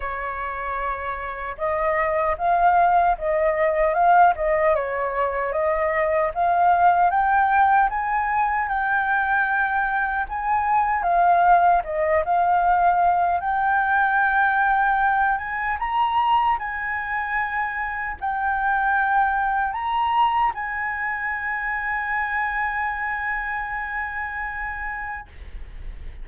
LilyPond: \new Staff \with { instrumentName = "flute" } { \time 4/4 \tempo 4 = 76 cis''2 dis''4 f''4 | dis''4 f''8 dis''8 cis''4 dis''4 | f''4 g''4 gis''4 g''4~ | g''4 gis''4 f''4 dis''8 f''8~ |
f''4 g''2~ g''8 gis''8 | ais''4 gis''2 g''4~ | g''4 ais''4 gis''2~ | gis''1 | }